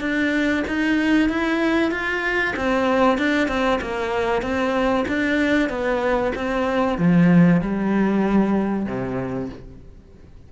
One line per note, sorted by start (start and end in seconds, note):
0.00 0.63 D4
0.67 1.29 D#4
1.29 1.91 E4
1.91 2.54 F4
2.56 3.18 C4
3.18 3.48 D4
3.48 3.79 C4
3.81 4.42 A#3
4.42 5.05 C4
5.08 5.69 D4
5.69 6.32 B3
6.35 6.98 C4
6.98 7.61 F3
7.61 8.86 G3
8.86 9.49 C3